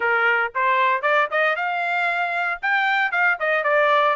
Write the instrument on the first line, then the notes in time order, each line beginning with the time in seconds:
trumpet
0.00 A#4
0.54 C5
1.02 D5
1.30 D#5
1.56 F5
2.62 G5
3.11 F5
3.39 D#5
3.63 D5